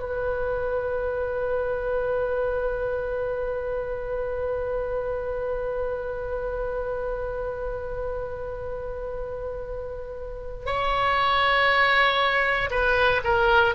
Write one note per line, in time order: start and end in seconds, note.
0.00 10.66 B4
10.66 12.70 C#5
12.71 13.22 B4
13.24 13.75 A#4